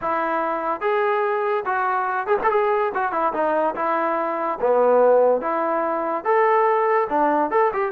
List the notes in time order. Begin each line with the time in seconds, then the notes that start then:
0.01 E4
0.80 G#4
1.65 F#4
2.27 G#4
2.43 A4
2.50 G#4
2.94 F#4
3.12 E4
3.33 D#4
3.75 E4
4.60 B3
5.41 E4
6.24 A4
7.09 D4
7.51 A4
7.73 G4